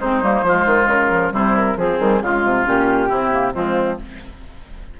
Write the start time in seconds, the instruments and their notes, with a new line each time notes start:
0.00 bassoon G#3, clarinet C4, oboe D#4, flute C5
0.22 bassoon G3, clarinet A#3
0.42 bassoon F3, clarinet G#3, oboe F4
0.66 bassoon D#3
0.86 bassoon C#3, flute A#4
1.10 clarinet F3
1.30 bassoon C3, clarinet G3, oboe E4, flute C5
1.56 flute A#4
1.76 bassoon F3, clarinet F3, oboe C4, flute G#4
1.99 bassoon D#3, clarinet G3
2.21 bassoon C#3, clarinet G#3, flute F4, oboe F4
2.44 bassoon C3
2.64 bassoon A#2, clarinet C#4, flute G4
3.08 bassoon C3, clarinet C4, oboe E4
3.31 clarinet A#3
3.51 bassoon F3, clarinet G#3, oboe C4, flute F4